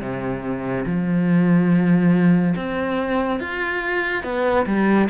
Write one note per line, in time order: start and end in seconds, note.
0.00 0.85 C3
0.85 2.54 F3
2.56 3.40 C4
3.40 4.23 F4
4.23 4.66 B3
4.66 5.08 G3